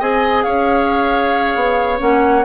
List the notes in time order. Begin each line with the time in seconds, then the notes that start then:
0.00 C4 G#4 D#5 G#5
0.43 C#4 C#5 F5
1.56 B3
1.99 A#3 C#4 F#5